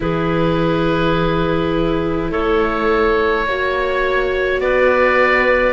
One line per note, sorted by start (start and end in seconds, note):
0.00 2.31 E3
0.00 3.44 E4
0.00 2.30 G#4
0.00 2.31 B4
2.30 3.45 A3
2.30 3.45 A4
2.30 4.60 C#5
3.45 4.60 A#3
3.45 5.72 F#4
3.45 4.61 C#5
4.60 5.72 B3
4.60 5.72 B4
4.60 5.72 D5